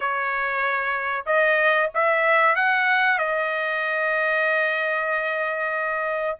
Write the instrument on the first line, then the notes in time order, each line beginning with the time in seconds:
trumpet
0.00 C#5
1.26 D#5
1.94 E5
2.55 F#5
3.18 D#5